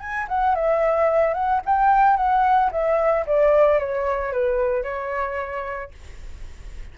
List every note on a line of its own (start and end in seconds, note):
0.00 0.27 G#5
0.29 0.55 F#5
0.55 1.34 E5
1.34 1.61 F#5
1.66 2.17 G5
2.17 2.71 F#5
2.71 3.26 E5
3.26 3.79 D5
3.79 4.32 C#5
4.32 4.83 B4
4.83 5.91 C#5